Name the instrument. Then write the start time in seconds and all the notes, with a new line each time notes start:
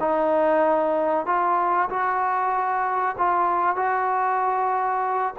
trombone
0.00 D#4
1.26 F4
1.89 F#4
3.18 F4
3.76 F#4